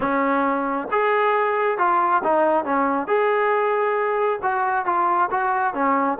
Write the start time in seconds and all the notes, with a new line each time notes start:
0.00 C#4
0.91 G#4
1.78 F4
2.23 D#4
2.65 C#4
3.07 G#4
4.42 F#4
4.85 F4
5.31 F#4
5.74 C#4